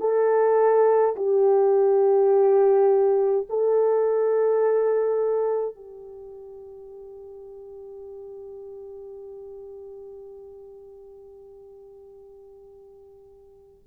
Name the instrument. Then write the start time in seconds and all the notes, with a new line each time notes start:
horn
0.00 A4
1.16 G4
3.49 A4
5.75 G4